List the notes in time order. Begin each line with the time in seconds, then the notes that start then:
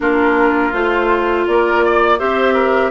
0.00 A#3 D4 F4 A#4
0.73 A3 F4 C5
1.47 A#3 A#4 D5
1.84 D5
2.18 C4 G4 C5 E5
2.53 A#4